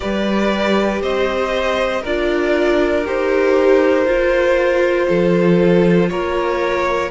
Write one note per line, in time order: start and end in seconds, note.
0.00 1.01 G3
0.00 2.03 G4
0.00 1.02 B4
0.00 1.01 D5
1.01 2.03 C4
1.01 2.01 C5
1.01 2.04 D#5
2.01 3.06 D4
2.01 3.04 F4
2.01 5.06 A#4
2.01 3.07 D5
3.04 4.06 D#4
3.04 4.06 G4
3.04 6.09 C5
4.06 7.11 F4
4.06 5.07 F4
5.08 6.11 F3
5.08 6.10 A4
6.09 7.11 A#3
6.09 7.11 A#4
6.09 7.11 C#5